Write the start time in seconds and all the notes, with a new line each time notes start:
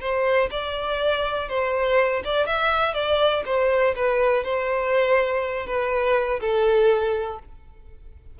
0.00 C5
0.51 D5
1.49 C5
2.24 D5
2.46 E5
2.94 D5
3.45 C5
3.95 B4
4.44 C5
5.66 B4
6.40 A4